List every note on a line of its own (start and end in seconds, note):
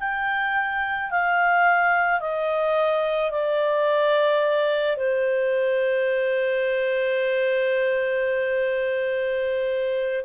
0.00 1.11 G5
1.11 2.20 F5
2.20 3.31 D#5
3.31 4.97 D5
4.97 10.25 C5